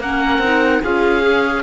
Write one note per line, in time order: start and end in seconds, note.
0.00 0.39 A#3
0.00 0.44 C#4
0.00 0.82 A#4
0.00 0.83 F#5
0.39 0.80 C4
0.39 0.84 D#4
0.82 1.64 C#4
0.82 1.22 F4
0.82 1.63 G#4
0.82 1.64 F5
1.22 1.62 G#4